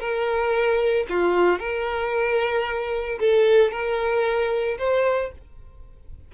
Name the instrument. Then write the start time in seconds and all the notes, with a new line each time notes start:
violin
0.00 A#4
1.09 F4
1.59 A#4
3.19 A4
3.71 A#4
4.78 C5